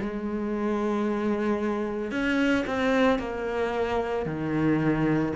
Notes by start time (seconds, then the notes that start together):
0.00 G#3
2.11 C#4
2.66 C4
3.18 A#3
4.25 D#3